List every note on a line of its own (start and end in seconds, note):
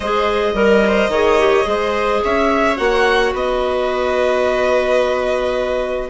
0.00 0.53 G#3
0.00 0.54 G#4
0.00 0.54 C5
0.00 2.21 D#5
0.53 1.08 G3
0.53 1.09 A#4
0.53 0.84 A#4
0.86 1.11 C5
1.08 1.64 D#3
1.08 1.39 G#4
1.08 1.67 C#5
1.39 1.64 G4
1.64 2.21 G#3
1.64 2.75 G#4
1.64 2.23 C5
2.24 2.78 C#4
2.24 3.32 C#5
2.24 2.77 E5
2.75 3.33 A#3
2.75 6.09 F#4
2.75 3.33 F#5
3.32 6.09 B3
3.32 6.09 B4
3.32 6.09 D#5